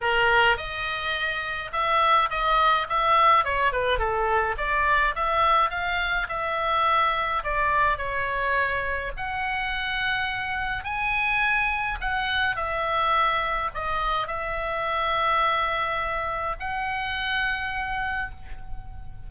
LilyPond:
\new Staff \with { instrumentName = "oboe" } { \time 4/4 \tempo 4 = 105 ais'4 dis''2 e''4 | dis''4 e''4 cis''8 b'8 a'4 | d''4 e''4 f''4 e''4~ | e''4 d''4 cis''2 |
fis''2. gis''4~ | gis''4 fis''4 e''2 | dis''4 e''2.~ | e''4 fis''2. | }